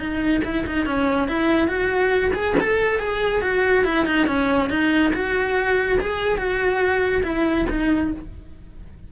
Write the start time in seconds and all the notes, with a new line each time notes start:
0.00 D#4
0.45 E4
0.67 D#4
0.86 C#4
1.29 E4
1.68 F#4
2.34 G#4
2.61 A4
3.00 G#4
3.42 F#4
3.85 E4
4.06 D#4
4.27 C#4
4.70 D#4
5.14 F#4
6.01 G#4
6.38 F#4
7.24 E4
7.70 D#4